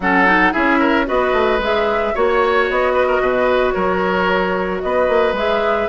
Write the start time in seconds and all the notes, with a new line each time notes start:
0.00 F#3 C#4 A4 F#5
0.26 D#4
0.52 C#4 E4 G#4 E5
0.79 A#4
1.05 B3 F#4 B4 D#5
1.32 A3
1.58 G#3 G#4 E5
2.14 A#3 F#4 C#5
2.70 B3 D#5
2.93 B4
3.07 A#4
3.20 B2 B4
3.71 F#3 A#4 C#5
4.80 B3 B4 D#5
5.08 A#3
5.32 G#3 G#4 E5